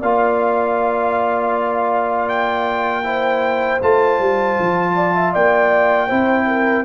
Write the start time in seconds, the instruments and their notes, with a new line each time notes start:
0.00 tuba A#3, trombone F4, horn D5, trumpet F5
2.29 trumpet G5
3.03 trombone E4, horn C5
3.81 tuba A3, trombone F4, trumpet A5
4.19 tuba G3
4.59 tuba F3
4.95 horn D5
5.14 horn E5
5.33 tuba A#3, horn D5, trumpet G5
6.07 tuba C4, trombone E4, horn C5
6.47 horn A#4